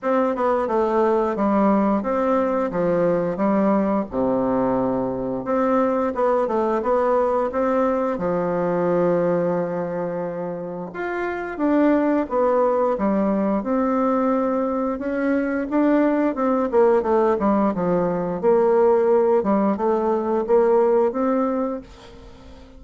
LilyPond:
\new Staff \with { instrumentName = "bassoon" } { \time 4/4 \tempo 4 = 88 c'8 b8 a4 g4 c'4 | f4 g4 c2 | c'4 b8 a8 b4 c'4 | f1 |
f'4 d'4 b4 g4 | c'2 cis'4 d'4 | c'8 ais8 a8 g8 f4 ais4~ | ais8 g8 a4 ais4 c'4 | }